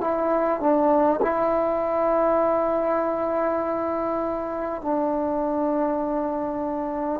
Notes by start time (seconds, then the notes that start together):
0.00 E4
0.60 D4
1.21 E4
4.82 D4